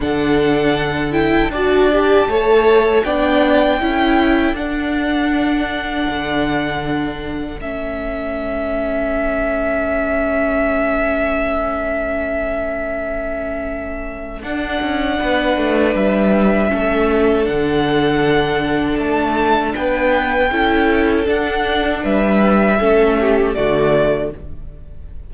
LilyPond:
<<
  \new Staff \with { instrumentName = "violin" } { \time 4/4 \tempo 4 = 79 fis''4. g''8 a''2 | g''2 fis''2~ | fis''2 e''2~ | e''1~ |
e''2. fis''4~ | fis''4 e''2 fis''4~ | fis''4 a''4 g''2 | fis''4 e''2 d''4 | }
  \new Staff \with { instrumentName = "violin" } { \time 4/4 a'2 d''4 cis''4 | d''4 a'2.~ | a'1~ | a'1~ |
a'1 | b'2 a'2~ | a'2 b'4 a'4~ | a'4 b'4 a'8 g'8 fis'4 | }
  \new Staff \with { instrumentName = "viola" } { \time 4/4 d'4. e'8 fis'8 g'8 a'4 | d'4 e'4 d'2~ | d'2 cis'2~ | cis'1~ |
cis'2. d'4~ | d'2 cis'4 d'4~ | d'2. e'4 | d'2 cis'4 a4 | }
  \new Staff \with { instrumentName = "cello" } { \time 4/4 d2 d'4 a4 | b4 cis'4 d'2 | d2 a2~ | a1~ |
a2. d'8 cis'8 | b8 a8 g4 a4 d4~ | d4 a4 b4 cis'4 | d'4 g4 a4 d4 | }
>>